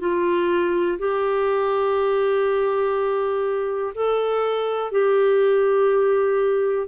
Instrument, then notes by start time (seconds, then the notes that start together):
clarinet
0.00 F4
0.99 G4
3.95 A4
4.91 G4